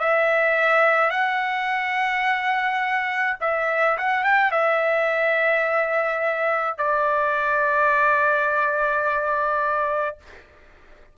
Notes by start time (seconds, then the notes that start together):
0.00 E5
1.10 F#5
3.41 E5
3.98 F#5
4.24 G5
4.52 E5
6.78 D5